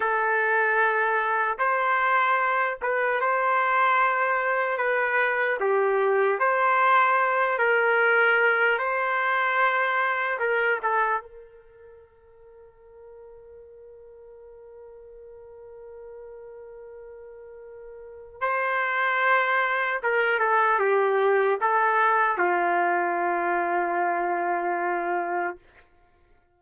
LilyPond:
\new Staff \with { instrumentName = "trumpet" } { \time 4/4 \tempo 4 = 75 a'2 c''4. b'8 | c''2 b'4 g'4 | c''4. ais'4. c''4~ | c''4 ais'8 a'8 ais'2~ |
ais'1~ | ais'2. c''4~ | c''4 ais'8 a'8 g'4 a'4 | f'1 | }